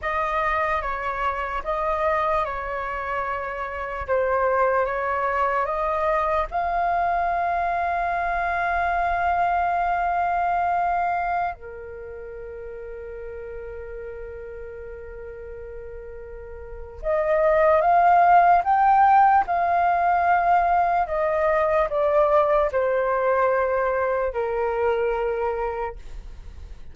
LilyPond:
\new Staff \with { instrumentName = "flute" } { \time 4/4 \tempo 4 = 74 dis''4 cis''4 dis''4 cis''4~ | cis''4 c''4 cis''4 dis''4 | f''1~ | f''2~ f''16 ais'4.~ ais'16~ |
ais'1~ | ais'4 dis''4 f''4 g''4 | f''2 dis''4 d''4 | c''2 ais'2 | }